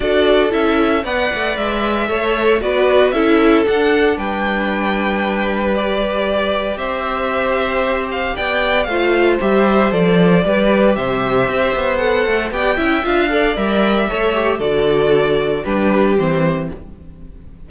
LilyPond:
<<
  \new Staff \with { instrumentName = "violin" } { \time 4/4 \tempo 4 = 115 d''4 e''4 fis''4 e''4~ | e''4 d''4 e''4 fis''4 | g''2. d''4~ | d''4 e''2~ e''8 f''8 |
g''4 f''4 e''4 d''4~ | d''4 e''2 fis''4 | g''4 f''4 e''2 | d''2 b'4 c''4 | }
  \new Staff \with { instrumentName = "violin" } { \time 4/4 a'2 d''2 | cis''4 b'4 a'2 | b'1~ | b'4 c''2. |
d''4 c''2. | b'4 c''2. | d''8 e''4 d''4. cis''4 | a'2 g'2 | }
  \new Staff \with { instrumentName = "viola" } { \time 4/4 fis'4 e'4 b'2 | a'4 fis'4 e'4 d'4~ | d'2. g'4~ | g'1~ |
g'4 f'4 g'4 a'4 | g'2. a'4 | g'8 e'8 f'8 a'8 ais'4 a'8 g'8 | fis'2 d'4 c'4 | }
  \new Staff \with { instrumentName = "cello" } { \time 4/4 d'4 cis'4 b8 a8 gis4 | a4 b4 cis'4 d'4 | g1~ | g4 c'2. |
b4 a4 g4 f4 | g4 c4 c'8 b4 a8 | b8 cis'8 d'4 g4 a4 | d2 g4 e4 | }
>>